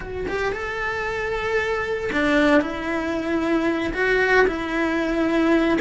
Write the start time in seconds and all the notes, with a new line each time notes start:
0.00 F#4
0.27 G4
0.52 A4
2.12 D4
2.61 E4
3.93 F#4
4.47 E4